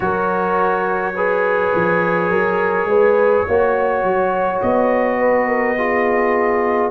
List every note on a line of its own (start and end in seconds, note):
0.00 1.71 F#3
0.00 1.14 F#4
0.00 1.15 A#4
0.00 4.60 C#5
1.15 3.47 G#4
1.15 2.30 B4
1.75 2.30 F3
2.30 2.85 F#3
2.30 2.87 A#4
2.85 3.42 G#3
2.85 3.46 B4
3.47 4.03 A#3
3.47 5.77 F#4
3.47 5.18 C#5
4.03 4.60 F#3
4.61 6.91 B3
4.61 6.91 D#5
5.18 5.46 B4
5.46 5.75 A#4
5.77 6.91 F4
5.77 6.91 G#4